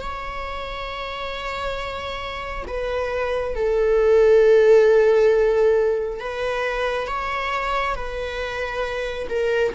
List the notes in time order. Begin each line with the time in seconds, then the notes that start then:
0.00 C#5
2.67 B4
3.55 A4
6.20 B4
7.07 C#5
7.95 B4
9.29 A#4